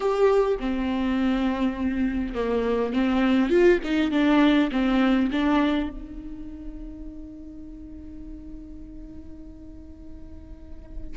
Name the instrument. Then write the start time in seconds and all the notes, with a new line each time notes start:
viola
0.00 G4
0.59 C4
2.34 A#3
2.93 C4
3.49 F4
3.84 D#4
4.11 D4
4.71 C4
5.31 D4
5.90 D#4